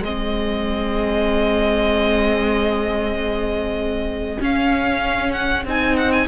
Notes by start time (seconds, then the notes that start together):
0.00 G#3 C4 G#4 D#5
4.39 C#4 F5
5.32 F#5
5.65 C4 D#4 G#5
5.97 F#5
6.12 G#5